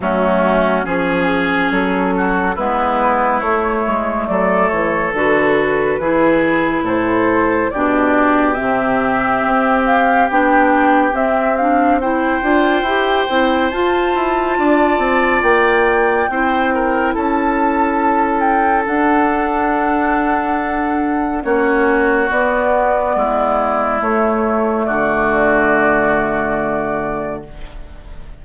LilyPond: <<
  \new Staff \with { instrumentName = "flute" } { \time 4/4 \tempo 4 = 70 fis'4 gis'4 a'4 b'4 | cis''4 d''8 cis''8 b'2 | c''4 d''4 e''4. f''8 | g''4 e''8 f''8 g''2 |
a''2 g''2 | a''4. g''8 fis''2~ | fis''4 cis''4 d''2 | cis''4 d''2. | }
  \new Staff \with { instrumentName = "oboe" } { \time 4/4 cis'4 gis'4. fis'8 e'4~ | e'4 a'2 gis'4 | a'4 g'2.~ | g'2 c''2~ |
c''4 d''2 c''8 ais'8 | a'1~ | a'4 fis'2 e'4~ | e'4 fis'2. | }
  \new Staff \with { instrumentName = "clarinet" } { \time 4/4 a4 cis'2 b4 | a2 fis'4 e'4~ | e'4 d'4 c'2 | d'4 c'8 d'8 e'8 f'8 g'8 e'8 |
f'2. e'4~ | e'2 d'2~ | d'4 cis'4 b2 | a1 | }
  \new Staff \with { instrumentName = "bassoon" } { \time 4/4 fis4 f4 fis4 gis4 | a8 gis8 fis8 e8 d4 e4 | a,4 b,4 c4 c'4 | b4 c'4. d'8 e'8 c'8 |
f'8 e'8 d'8 c'8 ais4 c'4 | cis'2 d'2~ | d'4 ais4 b4 gis4 | a4 d2. | }
>>